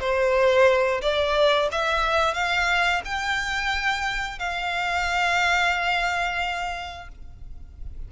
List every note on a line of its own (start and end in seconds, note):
0.00 1.01 C5
1.01 1.69 D5
1.72 2.34 E5
2.34 3.02 F5
3.05 4.39 G5
4.39 7.08 F5